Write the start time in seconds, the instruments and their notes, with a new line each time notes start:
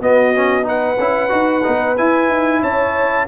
0.00 tuba B3, trombone B3, horn F#4, trumpet D#5
0.35 trombone C#4
0.63 trombone D#4, horn B4, trumpet F#5
0.99 tuba C#4, trombone E4
1.29 tuba D#4, trombone F#4
1.64 tuba B3, trombone D#4
1.97 trombone E4, tuba E4, trumpet G#5
2.29 tuba D#4
2.62 tuba C#4, horn C#5, trumpet A5